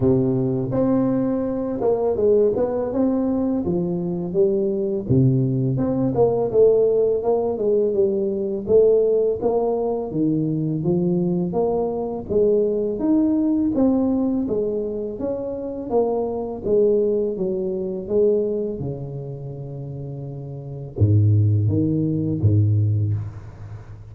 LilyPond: \new Staff \with { instrumentName = "tuba" } { \time 4/4 \tempo 4 = 83 c4 c'4. ais8 gis8 b8 | c'4 f4 g4 c4 | c'8 ais8 a4 ais8 gis8 g4 | a4 ais4 dis4 f4 |
ais4 gis4 dis'4 c'4 | gis4 cis'4 ais4 gis4 | fis4 gis4 cis2~ | cis4 gis,4 dis4 gis,4 | }